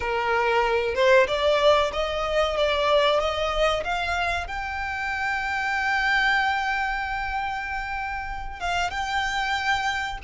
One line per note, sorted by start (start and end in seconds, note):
0.00 0.94 A#4
0.94 1.26 C5
1.27 1.91 D5
1.92 2.56 D#5
2.56 3.19 D5
3.19 3.83 D#5
3.84 4.47 F5
4.47 8.60 G5
8.60 8.90 F5
8.90 10.18 G5